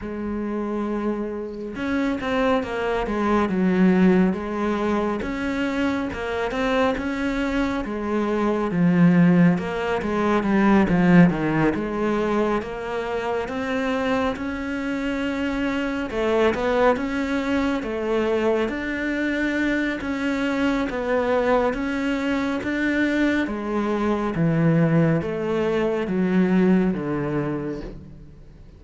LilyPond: \new Staff \with { instrumentName = "cello" } { \time 4/4 \tempo 4 = 69 gis2 cis'8 c'8 ais8 gis8 | fis4 gis4 cis'4 ais8 c'8 | cis'4 gis4 f4 ais8 gis8 | g8 f8 dis8 gis4 ais4 c'8~ |
c'8 cis'2 a8 b8 cis'8~ | cis'8 a4 d'4. cis'4 | b4 cis'4 d'4 gis4 | e4 a4 fis4 d4 | }